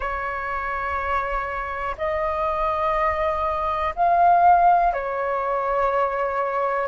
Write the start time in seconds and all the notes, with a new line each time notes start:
0.00 C#5
1.97 D#5
3.95 F5
4.93 C#5